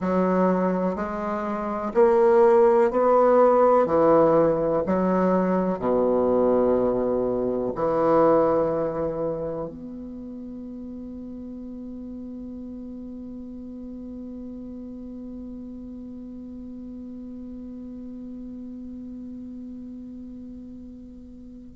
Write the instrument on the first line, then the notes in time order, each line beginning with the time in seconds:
bassoon
0.00 F#3
0.95 G#3
1.94 A#3
2.90 B3
3.85 E3
4.86 F#3
5.78 B2
7.75 E3
9.68 B3